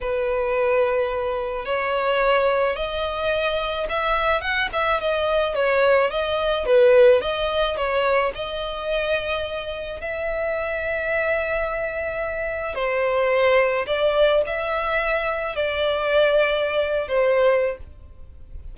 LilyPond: \new Staff \with { instrumentName = "violin" } { \time 4/4 \tempo 4 = 108 b'2. cis''4~ | cis''4 dis''2 e''4 | fis''8 e''8 dis''4 cis''4 dis''4 | b'4 dis''4 cis''4 dis''4~ |
dis''2 e''2~ | e''2. c''4~ | c''4 d''4 e''2 | d''2~ d''8. c''4~ c''16 | }